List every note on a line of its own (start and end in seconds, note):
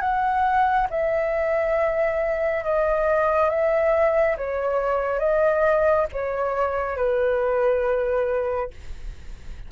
0.00 0.87 F#5
0.90 2.64 E5
2.64 3.49 D#5
3.49 4.36 E5
4.37 5.19 C#5
5.19 6.06 D#5
6.12 6.96 C#5
6.96 8.70 B4